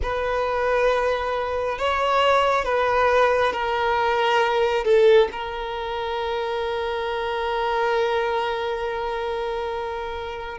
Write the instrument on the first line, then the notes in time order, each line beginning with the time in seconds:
violin
0.02 B4
1.78 C#5
2.64 B4
3.52 A#4
4.84 A4
5.31 A#4